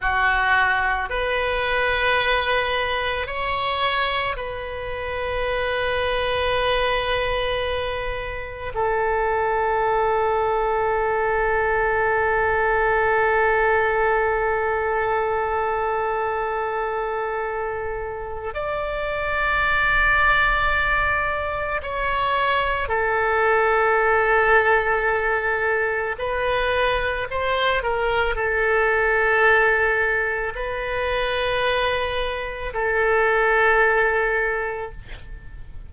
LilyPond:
\new Staff \with { instrumentName = "oboe" } { \time 4/4 \tempo 4 = 55 fis'4 b'2 cis''4 | b'1 | a'1~ | a'1~ |
a'4 d''2. | cis''4 a'2. | b'4 c''8 ais'8 a'2 | b'2 a'2 | }